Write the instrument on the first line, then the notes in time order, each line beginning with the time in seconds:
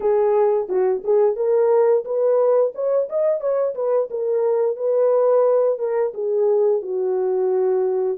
horn
0.00 G#4
0.68 F#4
1.04 G#4
1.36 A#4
2.05 B4
2.75 C#5
3.09 D#5
3.40 C#5
3.75 B4
4.10 A#4
4.76 B4
5.78 A#4
6.14 G#4
6.82 F#4